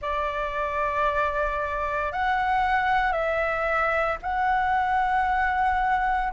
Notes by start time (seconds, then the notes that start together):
0.01 D5
2.12 F#5
3.12 E5
4.22 F#5